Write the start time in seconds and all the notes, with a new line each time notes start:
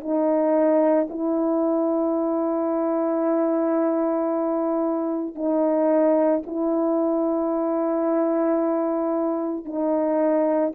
0.00 D#4
1.09 E4
5.35 D#4
6.46 E4
9.65 D#4